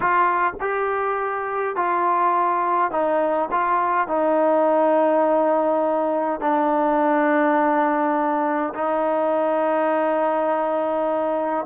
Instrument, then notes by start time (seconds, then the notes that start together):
trombone
0.00 F4
0.60 G4
1.76 F4
2.91 D#4
3.51 F4
4.07 D#4
6.40 D4
8.74 D#4